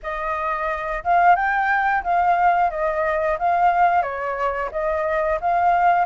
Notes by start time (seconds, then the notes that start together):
0.02 D#5
1.04 F5
1.35 G5
2.03 F5
2.70 D#5
3.38 F5
4.02 C#5
4.71 D#5
5.41 F5